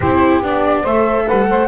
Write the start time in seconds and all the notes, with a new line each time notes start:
0.00 C4 E4 G4 C5
0.41 B3 D4 D5
0.81 A3 A4 C5 E5
1.27 G3 B4 F#5
1.49 A3 C5